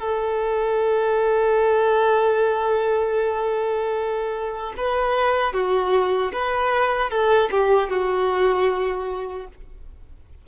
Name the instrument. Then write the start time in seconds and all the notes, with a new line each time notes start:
violin
0.00 A4
4.77 B4
5.53 F#4
6.33 B4
7.11 A4
7.51 G4
7.90 F#4